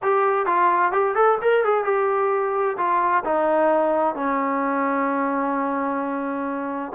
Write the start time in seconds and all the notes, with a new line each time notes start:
0.02 G4
0.46 F4
0.91 G4
1.15 A4
1.41 A#4
1.64 G#4
1.84 G4
2.77 F4
3.24 D#4
4.15 C#4